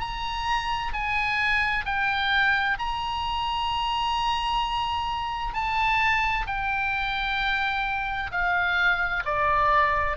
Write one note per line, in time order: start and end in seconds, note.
0.00 0.92 A#5
0.92 1.85 G#5
1.85 2.77 G5
2.79 5.53 A#5
5.53 6.46 A5
6.46 8.31 G5
8.31 9.23 F5
9.25 10.17 D5